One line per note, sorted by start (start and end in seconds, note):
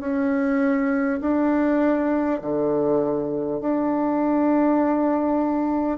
0.00 1.20 C#4
1.22 2.42 D4
2.42 3.61 D3
3.61 5.98 D4